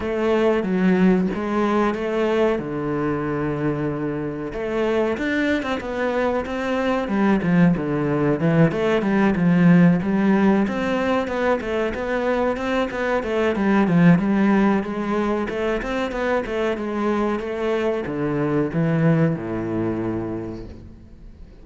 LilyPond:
\new Staff \with { instrumentName = "cello" } { \time 4/4 \tempo 4 = 93 a4 fis4 gis4 a4 | d2. a4 | d'8. c'16 b4 c'4 g8 f8 | d4 e8 a8 g8 f4 g8~ |
g8 c'4 b8 a8 b4 c'8 | b8 a8 g8 f8 g4 gis4 | a8 c'8 b8 a8 gis4 a4 | d4 e4 a,2 | }